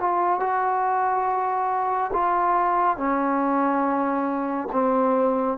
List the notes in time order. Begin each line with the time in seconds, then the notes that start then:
0.00 F4
0.40 F#4
2.14 F4
2.97 C#4
4.72 C4